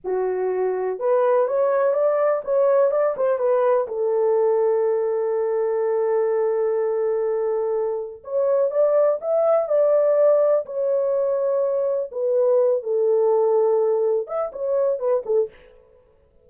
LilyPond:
\new Staff \with { instrumentName = "horn" } { \time 4/4 \tempo 4 = 124 fis'2 b'4 cis''4 | d''4 cis''4 d''8 c''8 b'4 | a'1~ | a'1~ |
a'4 cis''4 d''4 e''4 | d''2 cis''2~ | cis''4 b'4. a'4.~ | a'4. e''8 cis''4 b'8 a'8 | }